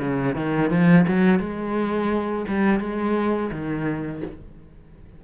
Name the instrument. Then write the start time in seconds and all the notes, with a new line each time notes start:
cello
0.00 C#3
0.35 D#3
0.70 F3
1.08 F#3
1.40 G#3
2.48 G3
2.80 G#3
3.52 D#3